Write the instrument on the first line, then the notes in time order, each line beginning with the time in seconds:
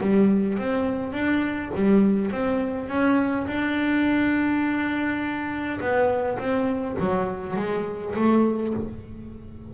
double bass
0.00 G3
0.58 C4
1.12 D4
1.75 G3
2.31 C4
2.88 C#4
3.46 D4
5.80 B3
6.38 C4
6.99 F#3
7.56 G#3
8.15 A3